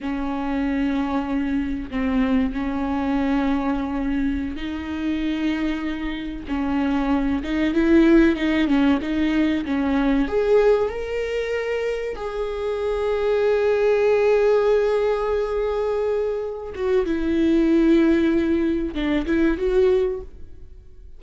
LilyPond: \new Staff \with { instrumentName = "viola" } { \time 4/4 \tempo 4 = 95 cis'2. c'4 | cis'2.~ cis'16 dis'8.~ | dis'2~ dis'16 cis'4. dis'16~ | dis'16 e'4 dis'8 cis'8 dis'4 cis'8.~ |
cis'16 gis'4 ais'2 gis'8.~ | gis'1~ | gis'2~ gis'8 fis'8 e'4~ | e'2 d'8 e'8 fis'4 | }